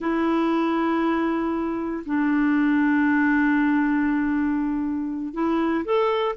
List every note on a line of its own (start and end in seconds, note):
0.00 2.04 E4
2.05 5.33 D4
5.33 5.84 E4
5.85 6.35 A4